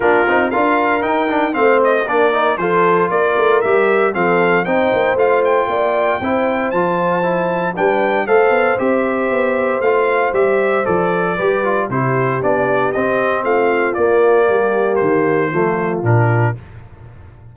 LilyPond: <<
  \new Staff \with { instrumentName = "trumpet" } { \time 4/4 \tempo 4 = 116 ais'4 f''4 g''4 f''8 dis''8 | d''4 c''4 d''4 e''4 | f''4 g''4 f''8 g''4.~ | g''4 a''2 g''4 |
f''4 e''2 f''4 | e''4 d''2 c''4 | d''4 dis''4 f''4 d''4~ | d''4 c''2 ais'4 | }
  \new Staff \with { instrumentName = "horn" } { \time 4/4 f'4 ais'2 c''4 | ais'4 a'4 ais'2 | a'4 c''2 d''4 | c''2. b'4 |
c''1~ | c''2 b'4 g'4~ | g'2 f'2 | g'2 f'2 | }
  \new Staff \with { instrumentName = "trombone" } { \time 4/4 d'8 dis'8 f'4 dis'8 d'8 c'4 | d'8 dis'8 f'2 g'4 | c'4 dis'4 f'2 | e'4 f'4 e'4 d'4 |
a'4 g'2 f'4 | g'4 a'4 g'8 f'8 e'4 | d'4 c'2 ais4~ | ais2 a4 d'4 | }
  \new Staff \with { instrumentName = "tuba" } { \time 4/4 ais8 c'8 d'4 dis'4 a4 | ais4 f4 ais8 a8 g4 | f4 c'8 ais8 a4 ais4 | c'4 f2 g4 |
a8 b8 c'4 b4 a4 | g4 f4 g4 c4 | b4 c'4 a4 ais4 | g4 dis4 f4 ais,4 | }
>>